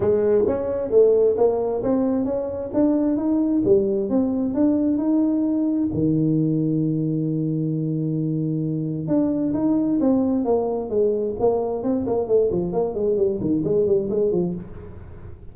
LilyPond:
\new Staff \with { instrumentName = "tuba" } { \time 4/4 \tempo 4 = 132 gis4 cis'4 a4 ais4 | c'4 cis'4 d'4 dis'4 | g4 c'4 d'4 dis'4~ | dis'4 dis2.~ |
dis1 | d'4 dis'4 c'4 ais4 | gis4 ais4 c'8 ais8 a8 f8 | ais8 gis8 g8 dis8 gis8 g8 gis8 f8 | }